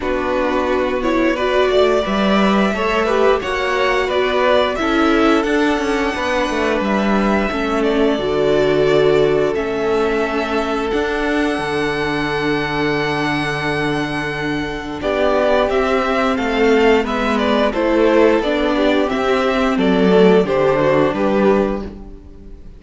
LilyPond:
<<
  \new Staff \with { instrumentName = "violin" } { \time 4/4 \tempo 4 = 88 b'4. cis''8 d''4 e''4~ | e''4 fis''4 d''4 e''4 | fis''2 e''4. d''8~ | d''2 e''2 |
fis''1~ | fis''2 d''4 e''4 | f''4 e''8 d''8 c''4 d''4 | e''4 d''4 c''4 b'4 | }
  \new Staff \with { instrumentName = "violin" } { \time 4/4 fis'2 b'8 d''4. | cis''8 b'8 cis''4 b'4 a'4~ | a'4 b'2 a'4~ | a'1~ |
a'1~ | a'2 g'2 | a'4 b'4 a'4. g'8~ | g'4 a'4 g'8 fis'8 g'4 | }
  \new Staff \with { instrumentName = "viola" } { \time 4/4 d'4. e'8 fis'4 b'4 | a'8 g'8 fis'2 e'4 | d'2. cis'4 | fis'2 cis'2 |
d'1~ | d'2. c'4~ | c'4 b4 e'4 d'4 | c'4. a8 d'2 | }
  \new Staff \with { instrumentName = "cello" } { \time 4/4 b2~ b8 a8 g4 | a4 ais4 b4 cis'4 | d'8 cis'8 b8 a8 g4 a4 | d2 a2 |
d'4 d2.~ | d2 b4 c'4 | a4 gis4 a4 b4 | c'4 fis4 d4 g4 | }
>>